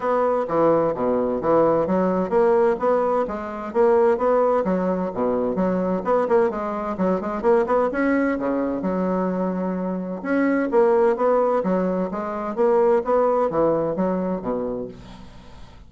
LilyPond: \new Staff \with { instrumentName = "bassoon" } { \time 4/4 \tempo 4 = 129 b4 e4 b,4 e4 | fis4 ais4 b4 gis4 | ais4 b4 fis4 b,4 | fis4 b8 ais8 gis4 fis8 gis8 |
ais8 b8 cis'4 cis4 fis4~ | fis2 cis'4 ais4 | b4 fis4 gis4 ais4 | b4 e4 fis4 b,4 | }